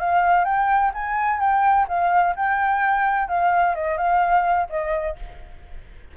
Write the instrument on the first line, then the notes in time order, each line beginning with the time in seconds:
flute
0.00 F5
0.45 G5
0.94 G#5
1.40 G5
1.89 F5
2.36 G5
3.29 F5
3.75 D#5
3.98 F5
4.70 D#5